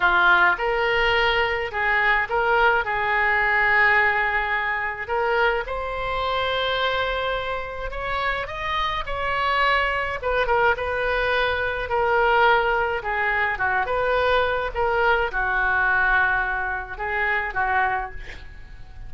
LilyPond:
\new Staff \with { instrumentName = "oboe" } { \time 4/4 \tempo 4 = 106 f'4 ais'2 gis'4 | ais'4 gis'2.~ | gis'4 ais'4 c''2~ | c''2 cis''4 dis''4 |
cis''2 b'8 ais'8 b'4~ | b'4 ais'2 gis'4 | fis'8 b'4. ais'4 fis'4~ | fis'2 gis'4 fis'4 | }